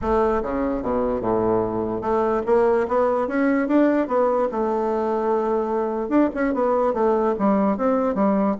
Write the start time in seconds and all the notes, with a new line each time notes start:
0.01 A3
0.42 C#3
0.82 B2
1.20 A2
2.01 A3
2.45 A#3
2.88 B3
3.27 C#4
3.68 D4
4.07 B3
4.51 A3
6.09 D4
6.34 C#4
6.53 B3
6.93 A3
7.38 G3
7.77 C4
8.14 G3